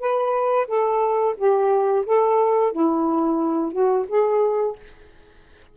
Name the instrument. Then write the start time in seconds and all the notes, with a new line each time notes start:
saxophone
0.00 B4
0.68 A4
1.38 G4
2.06 A4
2.72 E4
3.72 F#4
4.09 G#4